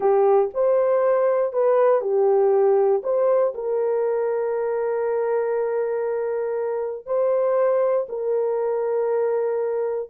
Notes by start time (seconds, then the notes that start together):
0.00 G4
0.54 C5
1.52 B4
2.01 G4
3.03 C5
3.54 A#4
7.05 C5
8.08 A#4